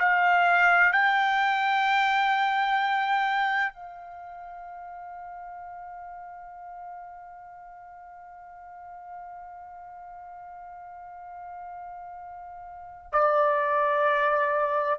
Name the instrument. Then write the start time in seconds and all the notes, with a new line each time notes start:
trumpet
0.00 F5
0.93 G5
3.74 F5
13.13 D5